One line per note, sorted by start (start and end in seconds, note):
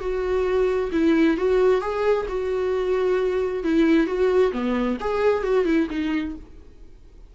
0.00 0.90 F#4
0.92 1.37 E4
1.37 1.81 F#4
1.81 2.26 G#4
2.28 3.63 F#4
3.63 4.07 E4
4.07 4.52 F#4
4.52 4.97 B3
5.00 5.43 G#4
5.43 5.65 F#4
5.65 5.87 E4
5.90 6.35 D#4